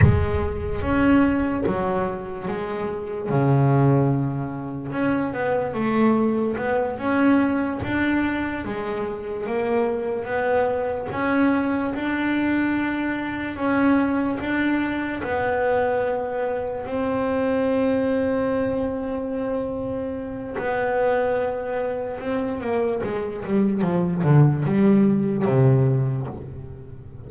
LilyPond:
\new Staff \with { instrumentName = "double bass" } { \time 4/4 \tempo 4 = 73 gis4 cis'4 fis4 gis4 | cis2 cis'8 b8 a4 | b8 cis'4 d'4 gis4 ais8~ | ais8 b4 cis'4 d'4.~ |
d'8 cis'4 d'4 b4.~ | b8 c'2.~ c'8~ | c'4 b2 c'8 ais8 | gis8 g8 f8 d8 g4 c4 | }